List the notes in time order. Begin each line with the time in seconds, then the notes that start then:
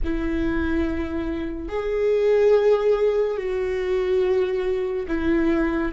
0.03 E4
1.68 G#4
3.37 F#4
5.07 E4